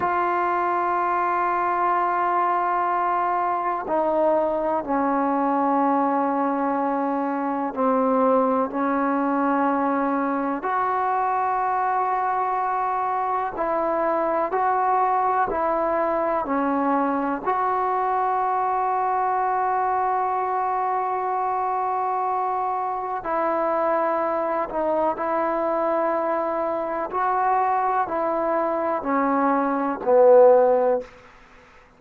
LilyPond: \new Staff \with { instrumentName = "trombone" } { \time 4/4 \tempo 4 = 62 f'1 | dis'4 cis'2. | c'4 cis'2 fis'4~ | fis'2 e'4 fis'4 |
e'4 cis'4 fis'2~ | fis'1 | e'4. dis'8 e'2 | fis'4 e'4 cis'4 b4 | }